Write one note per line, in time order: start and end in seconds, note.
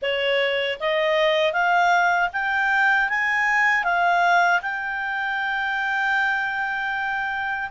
0.01 0.78 C#5
0.79 1.52 D#5
1.52 2.29 F5
2.33 3.09 G5
3.09 3.84 G#5
3.84 4.60 F5
4.62 7.69 G5